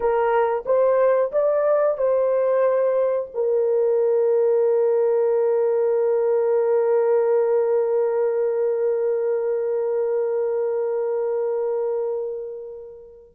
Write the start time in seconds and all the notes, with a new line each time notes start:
0.00 A#4
0.65 C5
1.32 D5
1.97 C5
3.34 A#4